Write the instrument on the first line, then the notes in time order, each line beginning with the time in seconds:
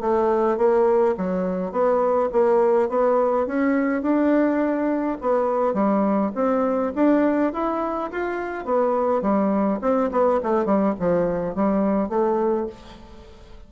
bassoon
0.00 A3
0.57 A#3
1.17 F#3
1.72 B3
2.32 A#3
2.88 B3
3.46 C#4
4.02 D4
5.21 B3
5.73 G3
6.35 C4
6.95 D4
7.53 E4
8.11 F4
8.65 B3
9.22 G3
9.81 C4
10.11 B3
10.43 A3
10.65 G3
10.99 F3
11.55 G3
12.09 A3